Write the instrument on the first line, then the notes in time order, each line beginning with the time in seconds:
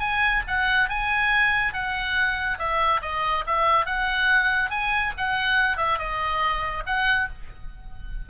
oboe
0.00 G#5
0.48 F#5
0.89 G#5
1.73 F#5
2.58 E5
3.02 D#5
3.47 E5
3.86 F#5
4.70 G#5
5.17 F#5
5.77 E5
5.98 D#5
6.86 F#5